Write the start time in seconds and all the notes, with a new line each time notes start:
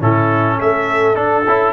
0.00 A2 C#4 E4 A4
0.59 A3 A4 E5
1.14 D4 A4
1.47 C#4 E4